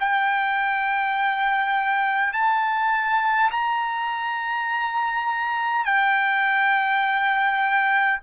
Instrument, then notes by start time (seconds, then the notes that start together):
trumpet
0.00 G5
2.34 A5
3.51 A#5
5.86 G5